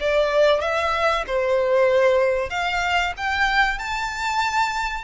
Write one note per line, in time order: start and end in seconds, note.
0.00 0.60 D5
0.60 1.23 E5
1.27 2.49 C5
2.49 3.12 F5
3.16 3.78 G5
3.78 5.04 A5